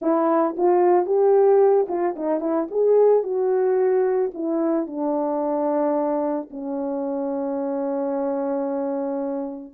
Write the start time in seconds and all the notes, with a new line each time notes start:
0.01 E4
0.57 F4
1.05 G4
1.88 F4
2.16 D#4
2.40 E4
2.71 G#4
3.23 F#4
4.34 E4
4.86 D4
6.50 C#4